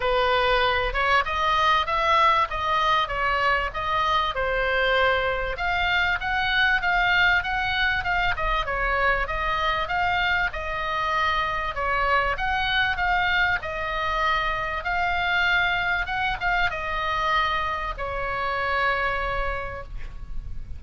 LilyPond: \new Staff \with { instrumentName = "oboe" } { \time 4/4 \tempo 4 = 97 b'4. cis''8 dis''4 e''4 | dis''4 cis''4 dis''4 c''4~ | c''4 f''4 fis''4 f''4 | fis''4 f''8 dis''8 cis''4 dis''4 |
f''4 dis''2 cis''4 | fis''4 f''4 dis''2 | f''2 fis''8 f''8 dis''4~ | dis''4 cis''2. | }